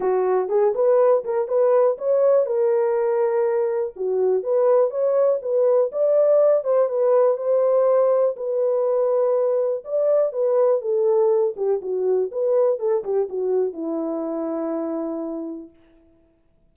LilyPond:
\new Staff \with { instrumentName = "horn" } { \time 4/4 \tempo 4 = 122 fis'4 gis'8 b'4 ais'8 b'4 | cis''4 ais'2. | fis'4 b'4 cis''4 b'4 | d''4. c''8 b'4 c''4~ |
c''4 b'2. | d''4 b'4 a'4. g'8 | fis'4 b'4 a'8 g'8 fis'4 | e'1 | }